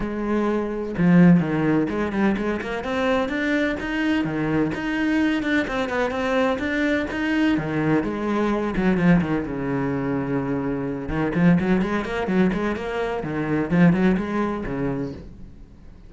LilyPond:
\new Staff \with { instrumentName = "cello" } { \time 4/4 \tempo 4 = 127 gis2 f4 dis4 | gis8 g8 gis8 ais8 c'4 d'4 | dis'4 dis4 dis'4. d'8 | c'8 b8 c'4 d'4 dis'4 |
dis4 gis4. fis8 f8 dis8 | cis2.~ cis8 dis8 | f8 fis8 gis8 ais8 fis8 gis8 ais4 | dis4 f8 fis8 gis4 cis4 | }